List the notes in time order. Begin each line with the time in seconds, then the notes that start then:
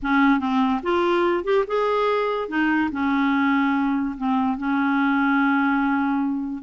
0.02 C#4
0.39 C4
0.83 F4
1.44 G4
1.67 G#4
2.48 D#4
2.91 C#4
4.17 C4
4.57 C#4